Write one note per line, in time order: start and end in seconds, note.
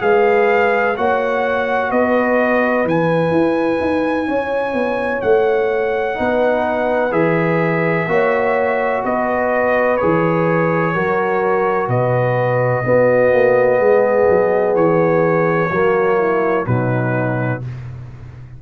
0.00 0.98 G#3
0.00 0.95 G#4
0.00 0.98 B4
0.00 0.97 F5
0.97 1.92 A#3
0.97 2.87 F#4
0.97 1.90 C#5
0.97 1.92 F#5
1.90 2.85 B3
1.90 4.28 B4
1.90 2.87 D#5
2.85 3.32 E3
2.85 6.15 E4
2.85 5.22 G#5
3.32 3.79 E4
3.81 4.28 D#4
4.28 4.74 C#4
4.28 6.19 C#5
4.74 5.22 B3
5.22 6.19 A3
5.22 7.13 F#5
6.15 7.12 B3
6.15 7.10 D#4
6.15 8.11 B4
7.12 8.07 E3
7.12 8.07 G#4
7.12 9.03 E5
8.08 9.03 A#3
8.08 9.99 F#4
8.08 9.05 C#5
9.05 10.00 B3
9.05 10.95 B4
9.05 9.97 D#5
9.97 10.95 G#4
9.97 11.88 C#5
10.04 10.96 E3
10.95 11.88 F#3
10.95 12.85 F#4
10.95 11.89 A#4
11.88 12.84 B2
11.88 12.84 B4
11.88 14.76 D#5
12.85 15.71 B3
12.85 13.34 B3
12.85 13.81 F#4
13.34 13.80 A#3
13.80 14.28 G#3
13.80 15.70 G#4
14.29 14.75 F#3
14.75 15.70 E3
14.75 16.66 C#5
15.70 16.67 F#3
15.70 16.66 A#3
15.70 16.18 F#4
16.18 16.66 E4
16.66 17.62 B2
16.66 17.62 F#3
16.66 17.62 D#4
16.66 17.62 B4